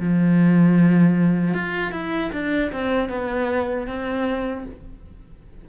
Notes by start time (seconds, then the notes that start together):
0.00 F3
1.54 F4
1.92 E4
2.32 D4
2.72 C4
3.09 B3
3.87 C4